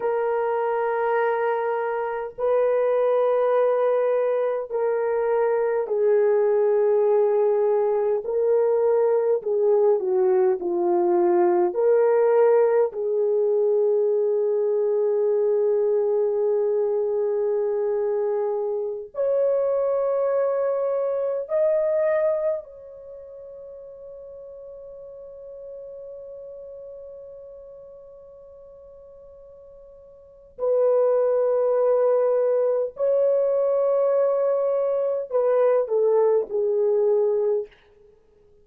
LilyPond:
\new Staff \with { instrumentName = "horn" } { \time 4/4 \tempo 4 = 51 ais'2 b'2 | ais'4 gis'2 ais'4 | gis'8 fis'8 f'4 ais'4 gis'4~ | gis'1~ |
gis'16 cis''2 dis''4 cis''8.~ | cis''1~ | cis''2 b'2 | cis''2 b'8 a'8 gis'4 | }